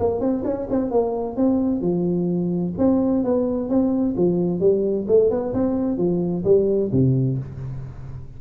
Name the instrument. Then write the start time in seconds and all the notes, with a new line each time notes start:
tuba
0.00 A#3
0.21 C4
0.45 C#4
0.70 C4
0.91 A#3
1.37 C4
1.82 F3
2.78 C4
3.24 B3
3.69 C4
4.17 F3
4.60 G3
5.08 A3
5.31 B3
5.54 C4
5.98 F3
6.45 G3
6.92 C3